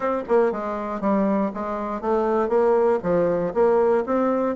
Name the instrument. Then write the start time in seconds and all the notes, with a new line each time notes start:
bassoon
0.00 C4
0.28 A#3
0.52 G#3
1.00 G3
1.54 G#3
2.01 A3
2.48 A#3
3.02 F3
3.54 A#3
4.05 C4